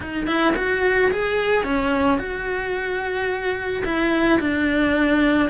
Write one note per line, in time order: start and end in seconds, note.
0.00 0.26 D#4
0.26 0.54 E4
0.56 1.11 F#4
1.11 1.63 G#4
1.63 2.18 C#4
2.18 3.83 F#4
3.84 4.39 E4
4.40 5.49 D4